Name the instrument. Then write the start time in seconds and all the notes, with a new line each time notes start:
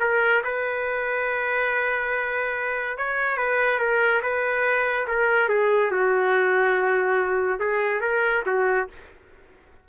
trumpet
0.00 A#4
0.44 B4
2.98 C#5
3.37 B4
3.79 A#4
4.22 B4
5.07 A#4
5.49 G#4
5.91 F#4
7.60 G#4
8.01 A#4
8.46 F#4